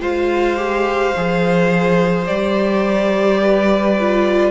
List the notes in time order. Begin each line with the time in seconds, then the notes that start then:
0.00 G#3 F4 C5 F5
0.57 G4
1.16 F3 G#4
2.27 G3 G4 D5
3.41 B4
3.99 F4